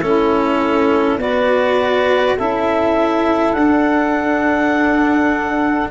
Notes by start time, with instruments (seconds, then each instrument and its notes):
0.00 tuba A3, cello C#4, saxophone E4, clarinet A4
1.17 tuba B3, cello F#4, saxophone B4, clarinet D5
2.37 tuba C#4, cello E4, saxophone A4, clarinet E5
3.53 tuba D4, cello D4, clarinet F#5